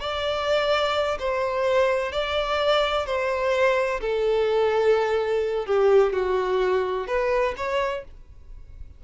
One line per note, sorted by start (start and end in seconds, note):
0.00 1.18 D5
1.19 2.12 C5
2.12 3.06 D5
3.06 4.01 C5
4.01 5.66 A4
5.66 6.13 G4
6.13 7.07 F#4
7.07 7.55 B4
7.57 8.04 C#5